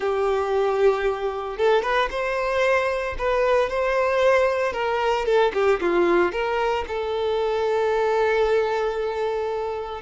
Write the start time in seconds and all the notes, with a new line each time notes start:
0.00 G4
1.57 A4
1.82 B4
2.10 C5
3.18 B4
3.69 C5
4.72 A#4
5.25 A4
5.53 G4
5.80 F4
6.32 A#4
6.87 A4